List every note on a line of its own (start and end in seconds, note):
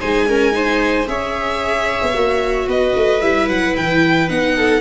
0.00 1.08 G#3
0.00 0.28 D#4
0.00 0.27 C5
0.00 1.08 G#5
0.28 0.52 C#4
0.28 0.55 A#4
0.52 1.05 D#4
0.52 1.09 C5
1.07 2.01 C#4
1.07 2.14 G#4
1.07 2.67 C#5
1.07 2.69 E5
2.02 2.14 B3
2.14 2.68 A#3
2.14 3.21 F#4
2.67 2.94 B3
2.67 4.54 B4
2.67 3.22 D#5
2.95 3.22 A3
3.22 3.48 G3
3.22 4.28 E4
3.22 3.48 E5
3.48 3.75 F#3
3.48 3.76 F#5
3.76 4.30 E3
3.76 4.29 G5
4.28 4.80 B3
4.28 4.80 D#4
4.28 4.80 F#5
4.57 4.80 A4